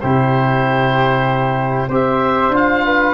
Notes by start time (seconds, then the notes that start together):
0.00 C3 E4 G4 C5
1.88 C4 G4 C5 E5
2.49 D4 F4
2.56 F5
2.85 B4